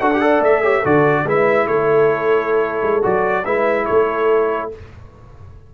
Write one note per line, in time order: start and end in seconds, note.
0.00 0.39 D4
0.00 0.11 F#4
0.00 0.21 A4
0.00 0.42 F#5
0.13 0.21 G4
0.21 0.62 A4
0.21 0.63 D5
0.39 0.81 A3
0.39 0.85 E5
0.62 0.83 G4
0.62 0.80 C#5
0.80 1.24 D3
0.80 1.26 F#4
0.80 1.22 A4
0.80 1.27 D5
1.24 1.66 G#3
1.24 3.02 E4
1.24 1.67 B4
1.24 1.67 E5
1.66 2.81 A3
1.66 3.44 A4
1.66 3.03 C#5
2.82 3.03 G#3
3.02 3.45 F#3
3.02 3.44 F#4
3.02 3.45 D5
3.44 3.87 G#3
3.44 4.71 E4
3.44 3.86 B4
3.44 3.85 E5
3.85 4.74 A3
3.85 4.71 A4
3.85 4.69 C#5